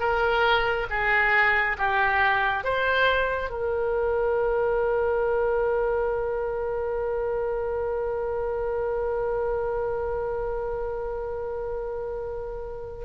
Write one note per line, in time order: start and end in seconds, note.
0.00 0.87 A#4
0.90 1.77 G#4
1.78 2.64 G4
2.64 3.50 C5
3.50 13.05 A#4